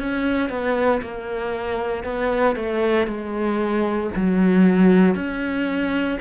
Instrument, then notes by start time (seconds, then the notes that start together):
cello
0.00 C#4
0.50 B3
1.02 A#3
2.04 B3
2.56 A3
3.07 G#3
4.16 F#3
5.15 C#4